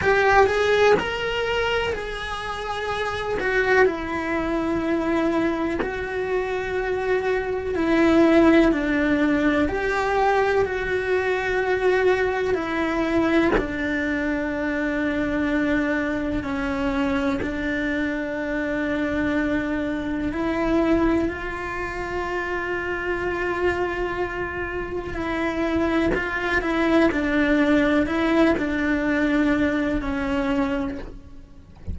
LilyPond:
\new Staff \with { instrumentName = "cello" } { \time 4/4 \tempo 4 = 62 g'8 gis'8 ais'4 gis'4. fis'8 | e'2 fis'2 | e'4 d'4 g'4 fis'4~ | fis'4 e'4 d'2~ |
d'4 cis'4 d'2~ | d'4 e'4 f'2~ | f'2 e'4 f'8 e'8 | d'4 e'8 d'4. cis'4 | }